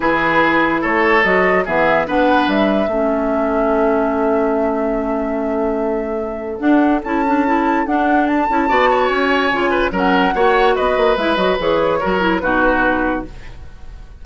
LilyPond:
<<
  \new Staff \with { instrumentName = "flute" } { \time 4/4 \tempo 4 = 145 b'2 cis''4 dis''4 | e''4 fis''4 e''2~ | e''1~ | e''1 |
fis''4 a''2 fis''4 | a''2 gis''2 | fis''2 dis''4 e''8 dis''8 | cis''2 b'2 | }
  \new Staff \with { instrumentName = "oboe" } { \time 4/4 gis'2 a'2 | gis'4 b'2 a'4~ | a'1~ | a'1~ |
a'1~ | a'4 d''8 cis''2 b'8 | ais'4 cis''4 b'2~ | b'4 ais'4 fis'2 | }
  \new Staff \with { instrumentName = "clarinet" } { \time 4/4 e'2. fis'4 | b4 d'2 cis'4~ | cis'1~ | cis'1 |
d'4 e'8 d'8 e'4 d'4~ | d'8 e'8 fis'2 f'4 | cis'4 fis'2 e'8 fis'8 | gis'4 fis'8 e'8 dis'2 | }
  \new Staff \with { instrumentName = "bassoon" } { \time 4/4 e2 a4 fis4 | e4 b4 g4 a4~ | a1~ | a1 |
d'4 cis'2 d'4~ | d'8 cis'8 b4 cis'4 cis4 | fis4 ais4 b8 ais8 gis8 fis8 | e4 fis4 b,2 | }
>>